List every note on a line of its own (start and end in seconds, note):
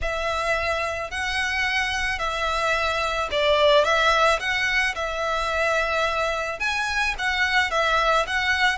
0.01 1.11 E5
1.11 2.18 F#5
2.18 3.29 E5
3.31 3.84 D5
3.84 4.39 E5
4.39 4.94 F#5
4.95 6.59 E5
6.59 7.14 G#5
7.18 7.70 F#5
7.70 8.25 E5
8.26 8.77 F#5